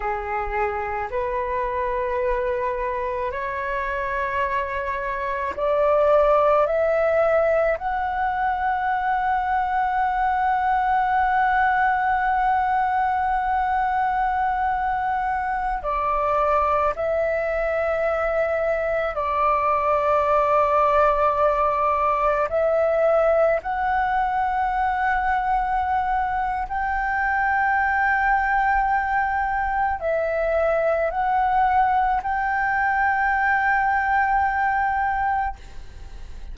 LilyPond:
\new Staff \with { instrumentName = "flute" } { \time 4/4 \tempo 4 = 54 gis'4 b'2 cis''4~ | cis''4 d''4 e''4 fis''4~ | fis''1~ | fis''2~ fis''16 d''4 e''8.~ |
e''4~ e''16 d''2~ d''8.~ | d''16 e''4 fis''2~ fis''8. | g''2. e''4 | fis''4 g''2. | }